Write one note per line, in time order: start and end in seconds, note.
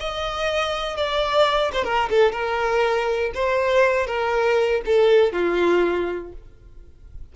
0.00 0.97 D#5
0.97 1.72 D5
1.73 1.84 C5
1.84 2.09 A#4
2.10 2.32 A4
2.32 3.32 A#4
3.35 4.07 C5
4.07 4.82 A#4
4.86 5.32 A4
5.32 6.32 F4